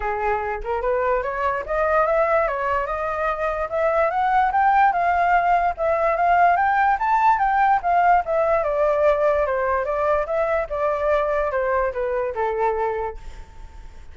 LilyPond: \new Staff \with { instrumentName = "flute" } { \time 4/4 \tempo 4 = 146 gis'4. ais'8 b'4 cis''4 | dis''4 e''4 cis''4 dis''4~ | dis''4 e''4 fis''4 g''4 | f''2 e''4 f''4 |
g''4 a''4 g''4 f''4 | e''4 d''2 c''4 | d''4 e''4 d''2 | c''4 b'4 a'2 | }